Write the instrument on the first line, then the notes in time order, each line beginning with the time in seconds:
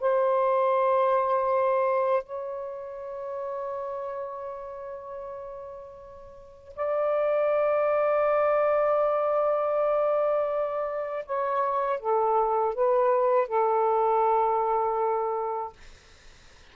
saxophone
0.00 C5
2.24 C#5
6.76 D5
11.26 C#5
12.00 A4
12.74 B4
13.48 A4